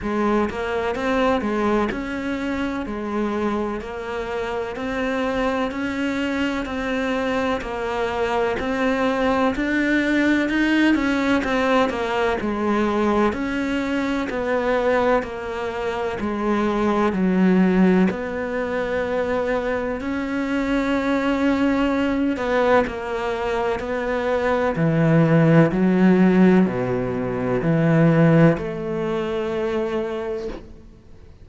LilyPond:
\new Staff \with { instrumentName = "cello" } { \time 4/4 \tempo 4 = 63 gis8 ais8 c'8 gis8 cis'4 gis4 | ais4 c'4 cis'4 c'4 | ais4 c'4 d'4 dis'8 cis'8 | c'8 ais8 gis4 cis'4 b4 |
ais4 gis4 fis4 b4~ | b4 cis'2~ cis'8 b8 | ais4 b4 e4 fis4 | b,4 e4 a2 | }